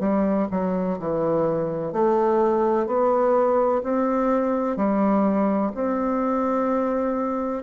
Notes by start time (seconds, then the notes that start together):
0.00 G3
0.52 F#3
1.00 E3
1.93 A3
2.87 B3
3.84 C4
4.77 G3
5.75 C4